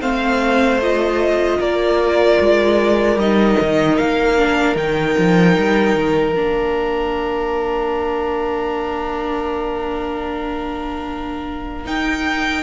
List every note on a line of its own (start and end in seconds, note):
0.00 1.59 A3
0.00 0.79 C4
0.00 1.58 C5
0.00 0.80 F5
0.81 3.18 F4
0.81 1.61 D#5
1.59 2.38 A#3
1.59 12.62 A#4
1.59 3.18 D5
2.40 3.15 G#3
3.15 3.55 G3
3.15 4.37 D#4
3.15 3.97 D#5
3.60 3.99 D#3
3.97 4.75 A#3
3.97 4.76 F5
4.37 4.75 D4
4.75 5.15 D#3
4.75 6.33 D#4
4.75 6.35 G5
5.18 5.57 F3
5.58 5.95 G3
5.95 6.34 D#3
6.34 11.86 A#3
6.34 11.85 D4
6.34 11.86 F5
11.85 12.62 D#4
11.85 12.62 G5